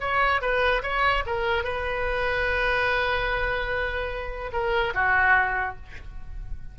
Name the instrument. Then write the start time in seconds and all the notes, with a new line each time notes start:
oboe
0.00 C#5
0.41 B4
0.83 C#5
1.26 A#4
1.64 B4
4.52 A#4
4.94 F#4